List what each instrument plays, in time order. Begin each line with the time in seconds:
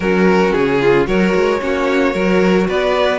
0.00 cello F#3, viola C#4, violin F#4 A#4
0.52 cello C#3, violin G#4
0.80 violin F4
1.05 cello F#3, viola F#4, violin A#4 C#5
1.35 cello G#3
1.59 cello A#3, viola C#4, violin F#4
2.13 cello F#3, viola F#4, violin A#4
2.67 cello B3, violin B4 D5